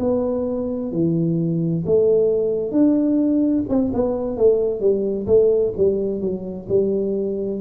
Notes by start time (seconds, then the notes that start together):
0.00 B3
0.92 E3
1.86 A3
2.72 D4
3.70 C4
3.94 B3
4.38 A3
4.81 G3
5.27 A3
5.77 G3
6.21 F#3
6.69 G3